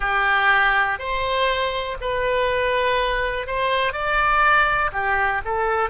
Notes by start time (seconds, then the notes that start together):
0.00 G4
0.98 C5
2.00 B4
3.46 C5
3.92 D5
4.92 G4
5.44 A4